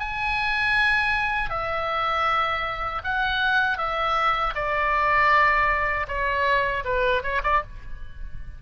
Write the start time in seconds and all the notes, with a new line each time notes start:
0.00 G#5
1.50 E5
3.04 F#5
3.78 E5
4.55 D5
6.08 C#5
6.85 B4
7.23 C#5
7.43 D5